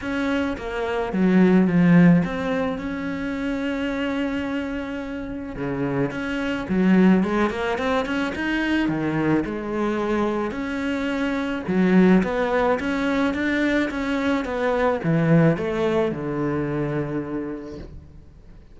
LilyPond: \new Staff \with { instrumentName = "cello" } { \time 4/4 \tempo 4 = 108 cis'4 ais4 fis4 f4 | c'4 cis'2.~ | cis'2 cis4 cis'4 | fis4 gis8 ais8 c'8 cis'8 dis'4 |
dis4 gis2 cis'4~ | cis'4 fis4 b4 cis'4 | d'4 cis'4 b4 e4 | a4 d2. | }